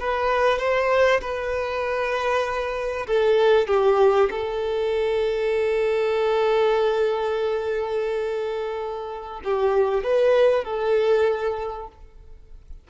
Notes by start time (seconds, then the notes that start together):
0.00 B4
0.59 C5
1.21 B4
3.07 A4
3.68 G4
4.31 A4
9.45 G4
10.03 B4
10.64 A4